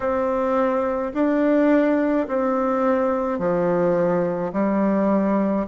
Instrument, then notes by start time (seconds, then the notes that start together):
bassoon
0.00 C4
1.13 D4
2.27 C4
3.39 F3
4.53 G3